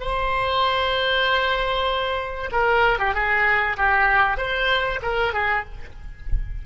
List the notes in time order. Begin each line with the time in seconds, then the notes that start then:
0.00 C5
2.52 A#4
2.99 G4
3.14 G#4
3.77 G4
4.38 C5
5.02 A#4
5.34 G#4